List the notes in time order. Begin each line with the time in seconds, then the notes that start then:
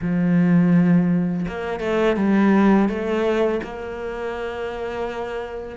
0.01 F3
1.48 A#3
1.80 A3
2.16 G3
2.88 A3
3.63 A#3